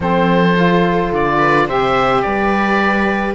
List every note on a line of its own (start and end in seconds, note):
0.00 1.11 F3
0.00 0.56 C4
0.00 1.38 A4
0.00 1.13 C5
0.56 1.68 F4
1.12 1.68 D3
1.12 1.68 D5
1.38 1.66 B4
1.67 2.24 C3
1.67 3.35 G4
1.67 2.23 C5
1.67 2.22 E5
2.22 3.35 G3
2.22 3.35 B4
2.22 3.34 D5